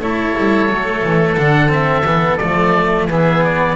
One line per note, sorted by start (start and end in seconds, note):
0.00 0.34 A3
0.00 0.69 E4
0.00 3.08 A4
0.00 1.37 C#5
0.38 0.69 G3
0.69 1.03 F#3
0.69 1.37 A3
1.04 1.37 E3
1.37 2.04 D3
1.37 1.68 D4
1.37 1.71 F#5
1.68 2.03 C4
1.68 2.37 E5
2.04 2.38 E3
2.04 2.40 B3
2.37 3.08 F3
2.37 3.09 A3
2.37 3.06 D5
3.08 3.76 E3
3.08 3.76 B3
3.08 3.76 G#4
3.08 3.44 E5
3.44 3.76 D5